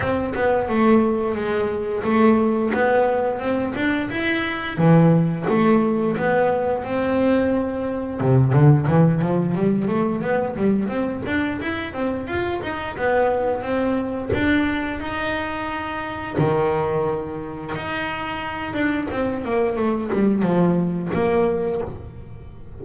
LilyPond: \new Staff \with { instrumentName = "double bass" } { \time 4/4 \tempo 4 = 88 c'8 b8 a4 gis4 a4 | b4 c'8 d'8 e'4 e4 | a4 b4 c'2 | c8 d8 e8 f8 g8 a8 b8 g8 |
c'8 d'8 e'8 c'8 f'8 dis'8 b4 | c'4 d'4 dis'2 | dis2 dis'4. d'8 | c'8 ais8 a8 g8 f4 ais4 | }